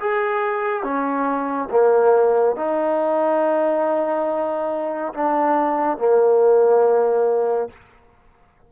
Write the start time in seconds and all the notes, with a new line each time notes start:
0.00 G#4
0.83 C#4
1.71 A#3
2.56 D#4
5.14 D4
5.98 A#3